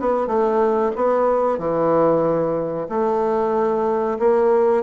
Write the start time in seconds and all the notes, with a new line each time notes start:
0.00 B3
0.28 A3
0.96 B3
1.59 E3
2.89 A3
4.19 A#3